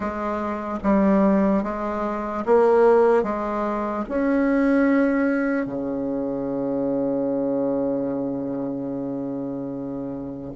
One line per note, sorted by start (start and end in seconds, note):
0.00 0.79 G#3
0.83 1.63 G3
1.63 2.44 G#3
2.45 3.23 A#3
3.23 4.04 G#3
4.08 5.65 C#4
5.65 10.52 C#3